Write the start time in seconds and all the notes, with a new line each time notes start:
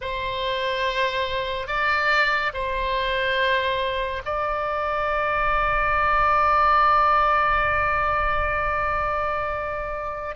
0.01 C5
1.67 D5
2.53 C5
4.25 D5